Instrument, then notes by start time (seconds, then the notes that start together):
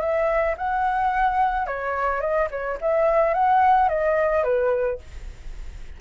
flute
0.00 E5
0.57 F#5
1.67 C#5
2.21 D#5
2.50 C#5
2.81 E5
3.34 F#5
3.89 D#5
4.44 B4